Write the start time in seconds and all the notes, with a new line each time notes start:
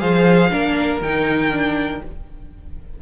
0.00 F3 G#4 C5 F5
0.50 A#3 D4 A#4
1.01 D#3 D#4 G5
1.51 D4